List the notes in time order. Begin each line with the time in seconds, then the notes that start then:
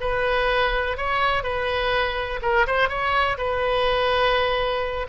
0.00 B4
0.97 C#5
1.43 B4
2.42 A#4
2.67 C5
2.88 C#5
3.37 B4